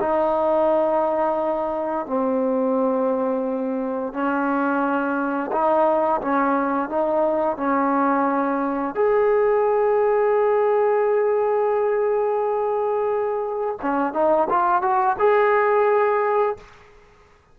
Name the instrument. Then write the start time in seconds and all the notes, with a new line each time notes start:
trombone
0.00 D#4
2.07 C4
4.13 C#4
5.52 D#4
6.21 C#4
6.89 D#4
7.57 C#4
8.95 G#4
13.82 C#4
14.13 D#4
14.49 F4
14.82 F#4
15.19 G#4